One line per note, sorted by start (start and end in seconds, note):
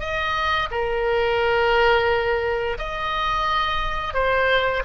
0.00 0.69 D#5
0.71 2.78 A#4
2.78 4.14 D#5
4.14 4.83 C5